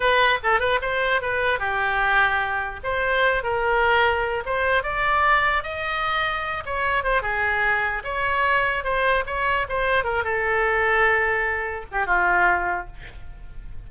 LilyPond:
\new Staff \with { instrumentName = "oboe" } { \time 4/4 \tempo 4 = 149 b'4 a'8 b'8 c''4 b'4 | g'2. c''4~ | c''8 ais'2~ ais'8 c''4 | d''2 dis''2~ |
dis''8 cis''4 c''8 gis'2 | cis''2 c''4 cis''4 | c''4 ais'8 a'2~ a'8~ | a'4. g'8 f'2 | }